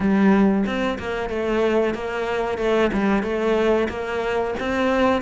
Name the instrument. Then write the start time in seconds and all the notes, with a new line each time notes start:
cello
0.00 G3
0.66 C4
0.98 A#3
1.29 A3
1.94 A#3
2.58 A3
2.93 G3
3.23 A3
3.89 A#3
4.59 C4